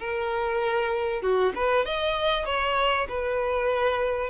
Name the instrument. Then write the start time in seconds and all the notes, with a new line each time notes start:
violin
0.00 A#4
1.22 F#4
1.55 B4
1.86 D#5
2.46 C#5
3.09 B4